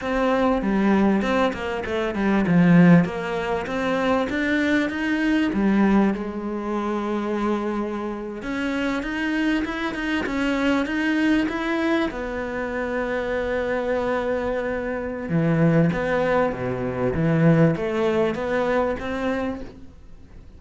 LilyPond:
\new Staff \with { instrumentName = "cello" } { \time 4/4 \tempo 4 = 98 c'4 g4 c'8 ais8 a8 g8 | f4 ais4 c'4 d'4 | dis'4 g4 gis2~ | gis4.~ gis16 cis'4 dis'4 e'16~ |
e'16 dis'8 cis'4 dis'4 e'4 b16~ | b1~ | b4 e4 b4 b,4 | e4 a4 b4 c'4 | }